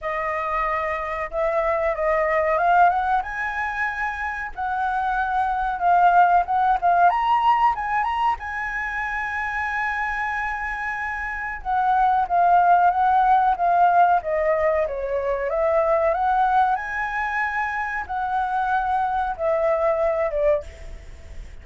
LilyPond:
\new Staff \with { instrumentName = "flute" } { \time 4/4 \tempo 4 = 93 dis''2 e''4 dis''4 | f''8 fis''8 gis''2 fis''4~ | fis''4 f''4 fis''8 f''8 ais''4 | gis''8 ais''8 gis''2.~ |
gis''2 fis''4 f''4 | fis''4 f''4 dis''4 cis''4 | e''4 fis''4 gis''2 | fis''2 e''4. d''8 | }